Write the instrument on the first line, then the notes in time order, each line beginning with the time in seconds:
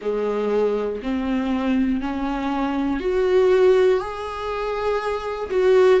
viola
0.01 G#3
1.02 C4
2.00 C#4
3.00 F#4
4.00 G#4
5.50 F#4